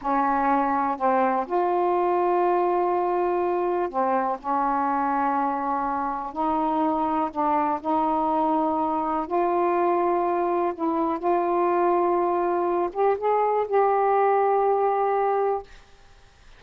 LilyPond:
\new Staff \with { instrumentName = "saxophone" } { \time 4/4 \tempo 4 = 123 cis'2 c'4 f'4~ | f'1 | c'4 cis'2.~ | cis'4 dis'2 d'4 |
dis'2. f'4~ | f'2 e'4 f'4~ | f'2~ f'8 g'8 gis'4 | g'1 | }